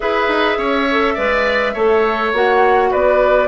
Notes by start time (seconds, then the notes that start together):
0.00 E4 G#4 B4 E5
0.28 D#4
0.57 C#4 C#5
0.91 A4
1.14 G#3 B4 D5
1.73 A3 A4 C#5
2.32 A#3 F#4 F#5
2.90 B3 B4 D5